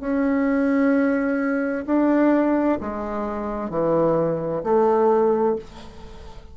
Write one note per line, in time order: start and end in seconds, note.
0.00 1.85 C#4
1.86 2.79 D4
2.80 3.70 G#3
3.70 4.62 E3
4.63 5.56 A3